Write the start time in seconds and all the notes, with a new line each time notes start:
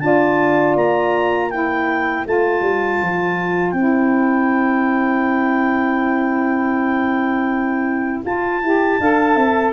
0.00 D4 F4 D5 A5
0.75 A#3 A#5
1.50 E4 C5 G5
2.25 A3 F4 A5
2.61 G3
3.02 F3
3.71 C4 E4 G5
8.25 F4 A5
8.62 E4 G4
9.00 D4 A4 F5
9.36 C4 E5